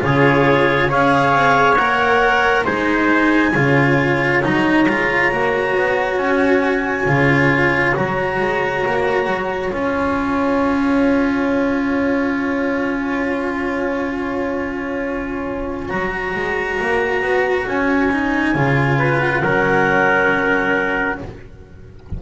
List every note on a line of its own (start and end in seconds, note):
0.00 0.91 C#3
0.00 0.88 F4
0.00 0.89 G#4
0.00 0.91 C#5
0.88 1.34 C#4
0.88 1.76 G#4
0.88 2.65 C#5
0.88 1.76 F5
1.34 1.78 C4
1.76 2.66 A#3
1.76 2.64 A#4
1.76 2.64 F#5
2.64 3.54 G#3
2.64 3.53 D#4
2.64 3.53 C5
2.64 4.42 G#5
3.54 4.42 C#3
3.54 4.43 F4
3.54 18.98 C#5
4.43 4.90 F#3
4.43 4.87 D#4
4.43 6.18 A#5
4.89 5.33 G#3
4.89 5.31 F4
5.31 5.76 A#3
5.31 7.08 F#4
5.76 6.17 B3
6.17 7.06 C#4
6.17 7.95 G#5
7.06 7.94 C#3
7.06 7.95 F4
7.95 8.40 F#3
7.95 9.72 F#4
7.95 9.72 A#5
8.40 8.84 G#3
8.86 9.27 A#3
9.27 9.71 F#3
9.72 15.91 C#4
9.72 15.89 F4
9.72 15.89 G#5
15.89 16.35 F#3
15.89 18.10 F#4
15.89 17.66 A#5
16.36 16.80 G#3
16.81 17.22 A#3
17.22 17.66 B3
17.67 18.55 C#4
17.67 19.20 G#5
18.11 18.55 D#4
18.55 19.42 C#3
18.55 19.43 F4
18.98 19.42 B4
19.20 21.19 F#5
19.42 21.19 F#3
19.42 21.22 C#4
19.42 21.20 A#4